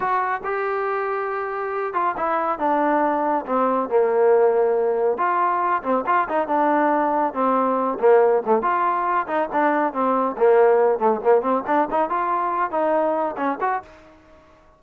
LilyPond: \new Staff \with { instrumentName = "trombone" } { \time 4/4 \tempo 4 = 139 fis'4 g'2.~ | g'8 f'8 e'4 d'2 | c'4 ais2. | f'4. c'8 f'8 dis'8 d'4~ |
d'4 c'4. ais4 a8 | f'4. dis'8 d'4 c'4 | ais4. a8 ais8 c'8 d'8 dis'8 | f'4. dis'4. cis'8 fis'8 | }